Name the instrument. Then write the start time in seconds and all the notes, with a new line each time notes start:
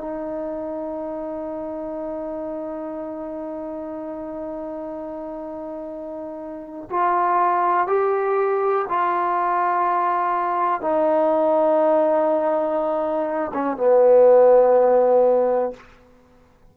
trombone
0.00 D#4
6.90 F4
7.87 G4
8.89 F4
10.81 D#4
13.53 C#4
13.77 B3